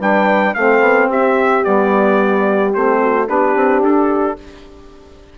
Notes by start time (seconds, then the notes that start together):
0.00 G3 D4 B4 G5
0.55 A3 C4 A4 F5
0.80 B3
1.09 C4 G4 E5
1.63 G3 B3 D5
2.74 A3 C4 C5
3.01 F#4
3.26 B3 D4 G4 B4
3.56 C4
3.83 D4 A4